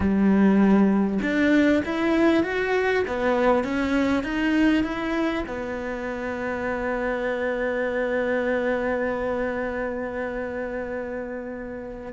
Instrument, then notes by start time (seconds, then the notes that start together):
cello
0.00 G3
1.22 D4
1.85 E4
2.43 F#4
3.07 B3
3.64 C#4
4.23 D#4
4.83 E4
5.47 B3